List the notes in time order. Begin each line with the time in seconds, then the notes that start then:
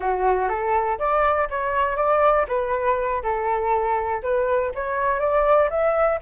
0.00 F#4
0.48 A4
0.98 D5
1.49 C#5
1.96 D5
2.48 B4
3.22 A4
4.22 B4
4.74 C#5
5.19 D5
5.70 E5